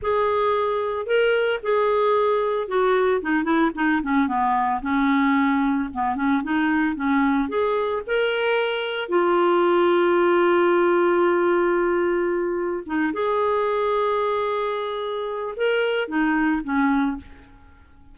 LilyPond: \new Staff \with { instrumentName = "clarinet" } { \time 4/4 \tempo 4 = 112 gis'2 ais'4 gis'4~ | gis'4 fis'4 dis'8 e'8 dis'8 cis'8 | b4 cis'2 b8 cis'8 | dis'4 cis'4 gis'4 ais'4~ |
ais'4 f'2.~ | f'1 | dis'8 gis'2.~ gis'8~ | gis'4 ais'4 dis'4 cis'4 | }